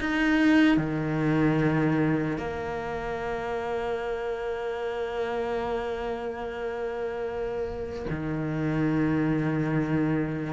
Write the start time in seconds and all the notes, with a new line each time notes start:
0.00 D#4
0.77 D#3
2.38 A#3
8.10 D#3